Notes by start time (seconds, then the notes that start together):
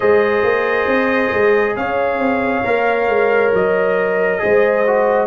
0.00 G#3 G#4 C5 D#5
0.43 A#3
0.87 C4
1.33 G#3
1.76 C#4 C#5 F5
2.19 C4
2.64 A#3 A#4
3.08 G#3
3.53 F#3 D#5
4.39 G#3 G#4 C5
4.86 F#4